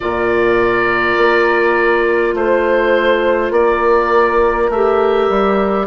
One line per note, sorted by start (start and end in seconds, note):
0.00 1.17 A#2
0.00 4.71 F4
0.00 2.36 A#4
0.00 2.35 D5
1.17 2.34 A#3
2.34 3.51 A3
2.34 3.52 C5
2.34 3.50 C5
3.50 4.68 A#3
3.50 5.86 A#4
3.50 4.70 D5
4.69 5.28 A3
4.69 5.86 G4
4.69 5.86 E5
5.29 5.86 G3